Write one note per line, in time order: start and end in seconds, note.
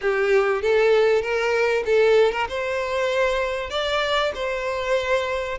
0.01 0.62 G4
0.62 1.21 A4
1.21 1.83 A#4
1.85 2.32 A4
2.32 2.47 A#4
2.48 3.70 C5
3.70 4.32 D5
4.34 5.58 C5